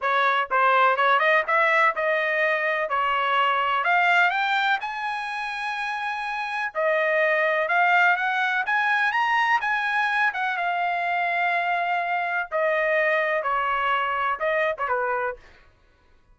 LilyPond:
\new Staff \with { instrumentName = "trumpet" } { \time 4/4 \tempo 4 = 125 cis''4 c''4 cis''8 dis''8 e''4 | dis''2 cis''2 | f''4 g''4 gis''2~ | gis''2 dis''2 |
f''4 fis''4 gis''4 ais''4 | gis''4. fis''8 f''2~ | f''2 dis''2 | cis''2 dis''8. cis''16 b'4 | }